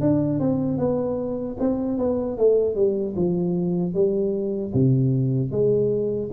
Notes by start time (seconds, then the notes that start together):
0.00 D4
0.39 C4
0.78 B3
1.60 C4
1.98 B3
2.38 A3
2.75 G3
3.16 F3
3.94 G3
4.74 C3
5.51 G#3